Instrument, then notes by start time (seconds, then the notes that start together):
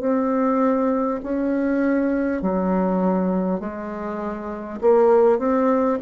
bassoon
0.00 C4
1.23 C#4
2.42 F#3
3.59 G#3
4.81 A#3
5.38 C4